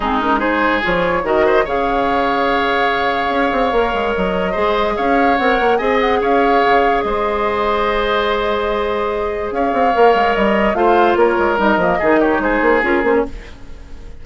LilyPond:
<<
  \new Staff \with { instrumentName = "flute" } { \time 4/4 \tempo 4 = 145 gis'8 ais'8 c''4 cis''4 dis''4 | f''1~ | f''2 dis''2 | f''4 fis''4 gis''8 fis''8 f''4~ |
f''4 dis''2.~ | dis''2. f''4~ | f''4 dis''4 f''4 cis''4 | dis''4. cis''8 c''4 ais'8 c''16 cis''16 | }
  \new Staff \with { instrumentName = "oboe" } { \time 4/4 dis'4 gis'2 ais'8 c''8 | cis''1~ | cis''2. c''4 | cis''2 dis''4 cis''4~ |
cis''4 c''2.~ | c''2. cis''4~ | cis''2 c''4 ais'4~ | ais'4 gis'8 g'8 gis'2 | }
  \new Staff \with { instrumentName = "clarinet" } { \time 4/4 c'8 cis'8 dis'4 f'4 fis'4 | gis'1~ | gis'4 ais'2 gis'4~ | gis'4 ais'4 gis'2~ |
gis'1~ | gis'1 | ais'2 f'2 | dis'8 ais8 dis'2 f'8 cis'8 | }
  \new Staff \with { instrumentName = "bassoon" } { \time 4/4 gis2 f4 dis4 | cis1 | cis'8 c'8 ais8 gis8 fis4 gis4 | cis'4 c'8 ais8 c'4 cis'4 |
cis4 gis2.~ | gis2. cis'8 c'8 | ais8 gis8 g4 a4 ais8 gis8 | g8 f8 dis4 gis8 ais8 cis'8 ais8 | }
>>